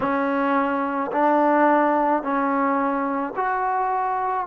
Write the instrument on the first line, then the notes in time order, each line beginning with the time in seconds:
trombone
0.00 C#4
1.12 D4
2.22 C#4
3.36 F#4